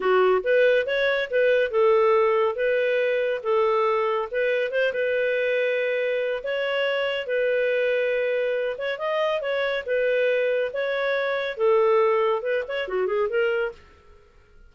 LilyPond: \new Staff \with { instrumentName = "clarinet" } { \time 4/4 \tempo 4 = 140 fis'4 b'4 cis''4 b'4 | a'2 b'2 | a'2 b'4 c''8 b'8~ | b'2. cis''4~ |
cis''4 b'2.~ | b'8 cis''8 dis''4 cis''4 b'4~ | b'4 cis''2 a'4~ | a'4 b'8 cis''8 fis'8 gis'8 ais'4 | }